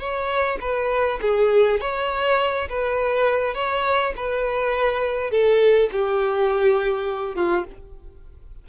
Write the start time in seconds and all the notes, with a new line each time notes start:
0.00 C#5
0.61 B4
1.22 G#4
1.81 C#5
2.70 B4
3.55 C#5
4.17 B4
5.31 A4
5.92 G4
7.36 F4